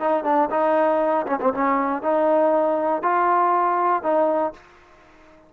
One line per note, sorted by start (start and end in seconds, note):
0.00 0.24 D#4
0.24 0.49 D4
0.50 1.26 D#4
1.26 1.39 C#4
1.41 1.53 C4
1.54 2.02 C#4
2.02 3.02 D#4
3.02 4.03 F4
4.03 4.53 D#4